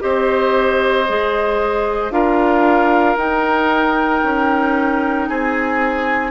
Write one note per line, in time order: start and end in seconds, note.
0.00 1.09 C4
0.00 1.05 G4
0.00 2.14 C5
0.00 2.12 D#5
1.08 2.11 G#3
1.08 2.12 G#4
2.11 3.16 D4
2.11 3.17 F4
2.11 5.29 A#4
2.11 3.17 F5
3.17 4.23 D#4
3.17 6.31 D#4
3.17 5.29 G5
4.23 5.29 C#4
5.29 6.31 C4
5.29 6.31 G#4
5.29 6.31 G#5